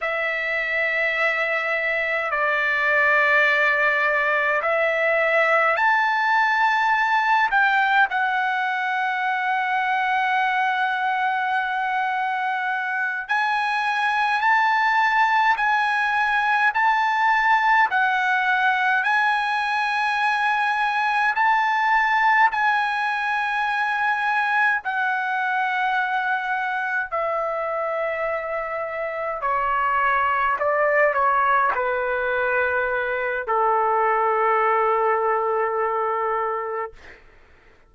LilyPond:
\new Staff \with { instrumentName = "trumpet" } { \time 4/4 \tempo 4 = 52 e''2 d''2 | e''4 a''4. g''8 fis''4~ | fis''2.~ fis''8 gis''8~ | gis''8 a''4 gis''4 a''4 fis''8~ |
fis''8 gis''2 a''4 gis''8~ | gis''4. fis''2 e''8~ | e''4. cis''4 d''8 cis''8 b'8~ | b'4 a'2. | }